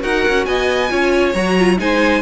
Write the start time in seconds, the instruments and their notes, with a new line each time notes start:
0.00 cello D#4, viola F#4, violin A#4 F#5
0.28 cello C#4
0.45 cello B3, violin D#5 G#5
0.89 cello C#4, viola F4, violin C#5
1.34 cello F#3, viola F#4, violin A#5
1.59 viola F4
1.77 cello G#3, viola D#4, violin C5 G#5